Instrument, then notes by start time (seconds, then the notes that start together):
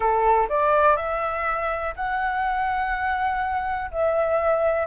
flute
0.00 A4
0.49 D5
0.96 E5
1.95 F#5
3.91 E5